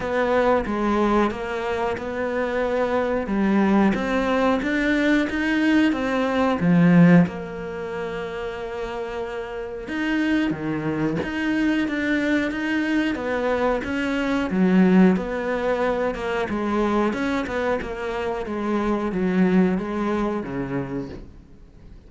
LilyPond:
\new Staff \with { instrumentName = "cello" } { \time 4/4 \tempo 4 = 91 b4 gis4 ais4 b4~ | b4 g4 c'4 d'4 | dis'4 c'4 f4 ais4~ | ais2. dis'4 |
dis4 dis'4 d'4 dis'4 | b4 cis'4 fis4 b4~ | b8 ais8 gis4 cis'8 b8 ais4 | gis4 fis4 gis4 cis4 | }